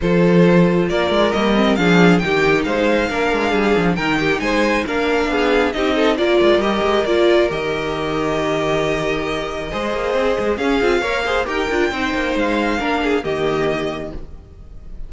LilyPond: <<
  \new Staff \with { instrumentName = "violin" } { \time 4/4 \tempo 4 = 136 c''2 d''4 dis''4 | f''4 g''4 f''2~ | f''4 g''4 gis''4 f''4~ | f''4 dis''4 d''4 dis''4 |
d''4 dis''2.~ | dis''1 | f''2 g''2 | f''2 dis''2 | }
  \new Staff \with { instrumentName = "violin" } { \time 4/4 a'2 ais'2 | gis'4 g'4 c''4 ais'4 | gis'4 ais'8 g'8 c''4 ais'4 | gis'4 g'8 a'8 ais'2~ |
ais'1~ | ais'2 c''2 | gis'4 cis''8 c''8 ais'4 c''4~ | c''4 ais'8 gis'8 g'2 | }
  \new Staff \with { instrumentName = "viola" } { \time 4/4 f'2. ais8 c'8 | d'4 dis'2 d'4~ | d'4 dis'2 d'4~ | d'4 dis'4 f'4 g'4 |
f'4 g'2.~ | g'2 gis'2 | cis'8 f'8 ais'8 gis'8 g'8 f'8 dis'4~ | dis'4 d'4 ais2 | }
  \new Staff \with { instrumentName = "cello" } { \time 4/4 f2 ais8 gis8 g4 | f4 dis4 gis4 ais8 gis8 | g8 f8 dis4 gis4 ais4 | b4 c'4 ais8 gis8 g8 gis8 |
ais4 dis2.~ | dis2 gis8 ais8 c'8 gis8 | cis'8 c'8 ais4 dis'8 d'8 c'8 ais8 | gis4 ais4 dis2 | }
>>